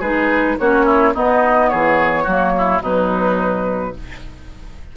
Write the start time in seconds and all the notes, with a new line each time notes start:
0.00 G#3 D#4 G#4 B4
0.59 A#3 C#4 F#4 C#5
0.86 E4
1.14 B3 D#4 D#5
1.69 E3 G#4 C#5
2.24 F#3 A#3 F#4
2.58 E4
2.81 B2 F#3 D#4 B4